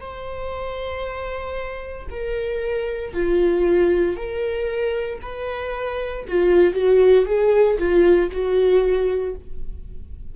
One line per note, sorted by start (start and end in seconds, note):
0.00 2.07 C5
2.10 3.13 A#4
3.13 4.17 F4
4.17 5.20 A#4
5.22 6.25 B4
6.28 6.74 F4
6.74 7.26 F#4
7.26 7.78 G#4
7.79 8.30 F4
8.31 9.35 F#4